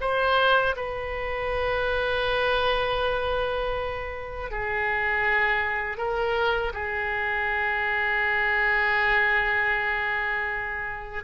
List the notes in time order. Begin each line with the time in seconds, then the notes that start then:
0.00 C5
0.76 B4
4.51 G#4
5.97 A#4
6.73 G#4